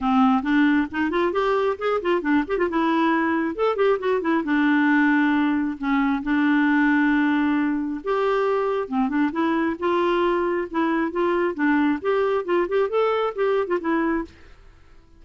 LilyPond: \new Staff \with { instrumentName = "clarinet" } { \time 4/4 \tempo 4 = 135 c'4 d'4 dis'8 f'8 g'4 | gis'8 f'8 d'8 g'16 f'16 e'2 | a'8 g'8 fis'8 e'8 d'2~ | d'4 cis'4 d'2~ |
d'2 g'2 | c'8 d'8 e'4 f'2 | e'4 f'4 d'4 g'4 | f'8 g'8 a'4 g'8. f'16 e'4 | }